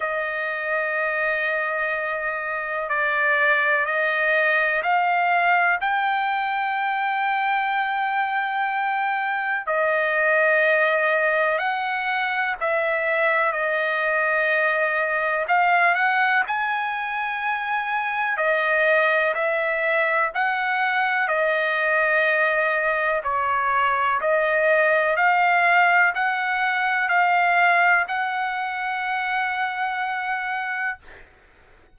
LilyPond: \new Staff \with { instrumentName = "trumpet" } { \time 4/4 \tempo 4 = 62 dis''2. d''4 | dis''4 f''4 g''2~ | g''2 dis''2 | fis''4 e''4 dis''2 |
f''8 fis''8 gis''2 dis''4 | e''4 fis''4 dis''2 | cis''4 dis''4 f''4 fis''4 | f''4 fis''2. | }